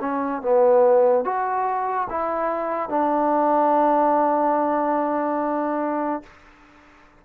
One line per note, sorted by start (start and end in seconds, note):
0.00 0.42 C#4
0.42 1.24 B3
1.24 2.08 F#4
2.09 2.89 E4
2.89 6.23 D4